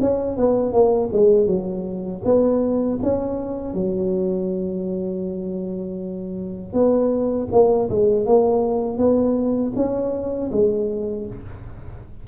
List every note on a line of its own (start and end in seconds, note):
0.00 0.36 C#4
0.36 0.72 B3
0.72 1.09 A#3
1.12 1.46 G#3
1.46 2.21 F#3
2.24 2.99 B3
3.02 3.74 C#4
3.74 6.72 F#3
6.72 7.47 B3
7.51 7.89 A#3
7.89 8.25 G#3
8.25 8.97 A#3
8.97 9.72 B3
9.75 10.50 C#4
10.51 11.26 G#3